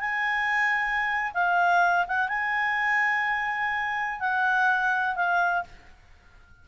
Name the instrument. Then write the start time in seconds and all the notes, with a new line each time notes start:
clarinet
0.00 G#5
1.34 F5
2.07 F#5
2.28 G#5
4.20 F#5
5.16 F5